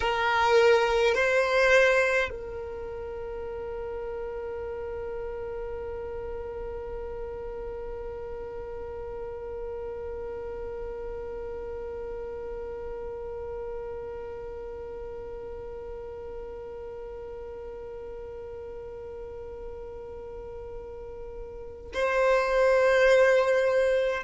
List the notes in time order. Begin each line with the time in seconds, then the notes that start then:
0.00 A#4
1.14 C5
2.30 A#4
21.93 C5